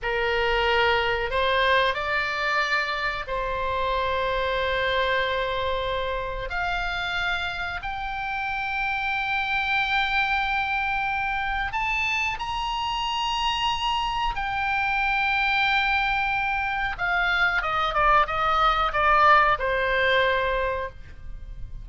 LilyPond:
\new Staff \with { instrumentName = "oboe" } { \time 4/4 \tempo 4 = 92 ais'2 c''4 d''4~ | d''4 c''2.~ | c''2 f''2 | g''1~ |
g''2 a''4 ais''4~ | ais''2 g''2~ | g''2 f''4 dis''8 d''8 | dis''4 d''4 c''2 | }